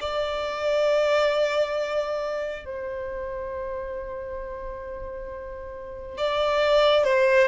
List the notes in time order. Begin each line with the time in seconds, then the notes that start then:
0.00 D5
2.65 C5
6.17 D5
7.03 C5